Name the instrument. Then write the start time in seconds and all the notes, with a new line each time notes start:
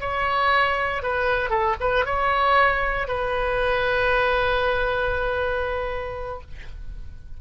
oboe
0.00 C#5
1.02 B4
1.49 A4
1.80 B4
2.05 C#5
3.07 B4